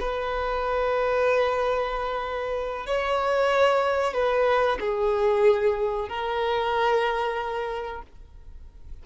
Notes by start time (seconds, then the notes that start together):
0.00 B4
2.87 C#5
4.14 B4
4.80 G#4
6.09 A#4